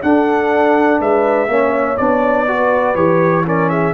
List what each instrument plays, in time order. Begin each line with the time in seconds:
0.00 trombone D4, tuba D4, horn A4, trumpet F#5
1.00 tuba G#3, horn B4, trumpet E5
1.48 tuba A#3, trombone C#4, horn C#5
1.97 tuba B3, trombone D4, trumpet D5
2.48 trombone F#4, horn B4
2.95 tuba E3, trombone G4, trumpet C#5
3.46 trombone C#4, horn A#4, trumpet D5
3.69 horn G#4, trumpet E5